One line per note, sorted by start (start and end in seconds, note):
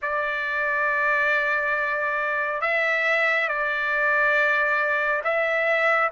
0.02 2.61 D5
2.61 3.48 E5
3.48 5.22 D5
5.24 6.11 E5